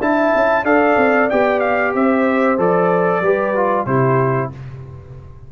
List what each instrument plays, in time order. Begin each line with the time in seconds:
0.00 tuba D4, trombone E4, horn E5, trumpet A5
0.35 tuba C#4
0.63 tuba D4, trombone A4, horn D5, trumpet F5
0.97 tuba C4
1.29 tuba B3, trombone G4, trumpet G5
1.60 trumpet F5
1.94 tuba C4, horn C5, trumpet E5
2.58 tuba F3, trombone A4, trumpet D5
3.21 tuba G3, trombone G4, horn B4
3.56 trombone F4
3.85 tuba C3, trombone E4, horn G4, trumpet C5